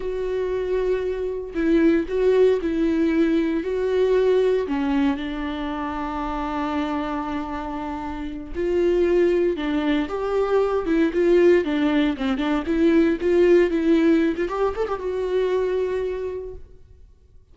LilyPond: \new Staff \with { instrumentName = "viola" } { \time 4/4 \tempo 4 = 116 fis'2. e'4 | fis'4 e'2 fis'4~ | fis'4 cis'4 d'2~ | d'1~ |
d'8 f'2 d'4 g'8~ | g'4 e'8 f'4 d'4 c'8 | d'8 e'4 f'4 e'4~ e'16 f'16 | g'8 a'16 g'16 fis'2. | }